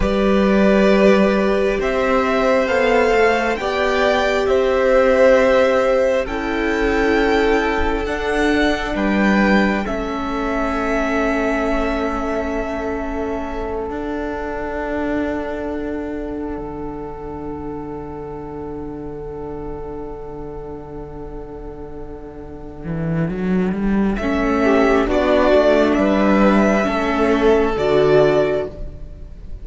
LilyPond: <<
  \new Staff \with { instrumentName = "violin" } { \time 4/4 \tempo 4 = 67 d''2 e''4 f''4 | g''4 e''2 g''4~ | g''4 fis''4 g''4 e''4~ | e''2.~ e''8 fis''8~ |
fis''1~ | fis''1~ | fis''2. e''4 | d''4 e''2 d''4 | }
  \new Staff \with { instrumentName = "violin" } { \time 4/4 b'2 c''2 | d''4 c''2 a'4~ | a'2 b'4 a'4~ | a'1~ |
a'1~ | a'1~ | a'2.~ a'8 g'8 | fis'4 b'4 a'2 | }
  \new Staff \with { instrumentName = "viola" } { \time 4/4 g'2. a'4 | g'2. e'4~ | e'4 d'2 cis'4~ | cis'2.~ cis'8 d'8~ |
d'1~ | d'1~ | d'2. cis'4 | d'2 cis'4 fis'4 | }
  \new Staff \with { instrumentName = "cello" } { \time 4/4 g2 c'4 b8 a8 | b4 c'2 cis'4~ | cis'4 d'4 g4 a4~ | a2.~ a8 d'8~ |
d'2~ d'8 d4.~ | d1~ | d4. e8 fis8 g8 a4 | b8 a8 g4 a4 d4 | }
>>